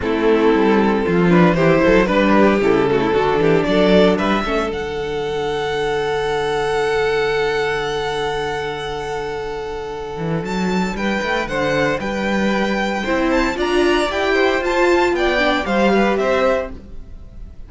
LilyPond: <<
  \new Staff \with { instrumentName = "violin" } { \time 4/4 \tempo 4 = 115 a'2~ a'8 b'8 c''4 | b'4 a'2 d''4 | e''4 fis''2.~ | fis''1~ |
fis''1 | a''4 g''4 fis''4 g''4~ | g''4. a''8 ais''4 g''4 | a''4 g''4 f''4 e''4 | }
  \new Staff \with { instrumentName = "violin" } { \time 4/4 e'2 f'4 g'8 a'8 | b'8 g'4 fis'16 e'16 fis'8 g'8 a'4 | b'8 a'2.~ a'8~ | a'1~ |
a'1~ | a'4 b'4 c''4 b'4~ | b'4 c''4 d''4. c''8~ | c''4 d''4 c''8 b'8 c''4 | }
  \new Staff \with { instrumentName = "viola" } { \time 4/4 c'2~ c'8 d'8 e'4 | d'4 e'8 a8 d'2~ | d'8 cis'8 d'2.~ | d'1~ |
d'1~ | d'1~ | d'4 e'4 f'4 g'4 | f'4. d'8 g'2 | }
  \new Staff \with { instrumentName = "cello" } { \time 4/4 a4 g4 f4 e8 fis8 | g4 cis4 d8 e8 fis4 | g8 a8 d2.~ | d1~ |
d2.~ d8 e8 | fis4 g8 a8 d4 g4~ | g4 c'4 d'4 e'4 | f'4 b4 g4 c'4 | }
>>